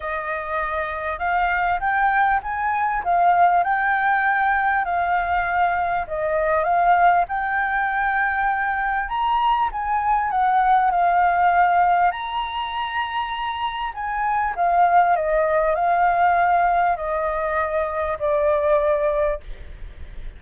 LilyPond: \new Staff \with { instrumentName = "flute" } { \time 4/4 \tempo 4 = 99 dis''2 f''4 g''4 | gis''4 f''4 g''2 | f''2 dis''4 f''4 | g''2. ais''4 |
gis''4 fis''4 f''2 | ais''2. gis''4 | f''4 dis''4 f''2 | dis''2 d''2 | }